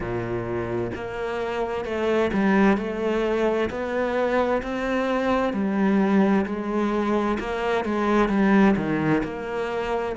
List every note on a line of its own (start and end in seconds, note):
0.00 0.91 A#2
0.95 1.85 A#3
1.85 2.31 A3
2.33 2.77 G3
2.77 3.69 A3
3.69 4.62 B3
4.62 5.53 C4
5.53 6.45 G3
6.45 7.38 G#3
7.39 7.84 A#3
7.84 8.28 G#3
8.28 8.74 G3
8.76 9.22 D#3
9.23 10.15 A#3